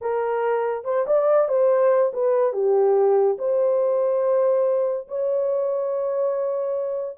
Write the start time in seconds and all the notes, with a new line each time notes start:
0.01 A#4
0.84 C5
1.06 D5
1.48 C5
2.13 B4
2.52 G4
3.38 C5
5.07 C#5